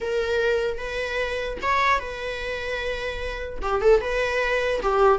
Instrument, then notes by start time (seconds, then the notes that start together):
viola
0.00 A#4
0.78 B4
1.62 C#5
1.99 B4
3.62 G4
3.81 A4
4.00 B4
4.82 G4